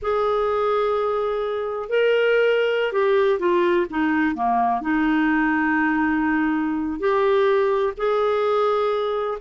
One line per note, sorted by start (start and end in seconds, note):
0.02 1.89 G#4
1.89 2.92 A#4
2.92 3.39 G4
3.39 3.86 F4
3.90 4.35 D#4
4.35 4.81 A#3
4.81 6.99 D#4
6.99 7.93 G4
7.97 9.37 G#4